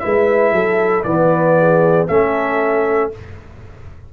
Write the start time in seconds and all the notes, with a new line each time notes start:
0.00 G#3 E4 B4 E5
0.52 F#3 A4
1.04 E3 B3 B4 D5
1.59 G#4
2.08 A3 C#4 A4 E5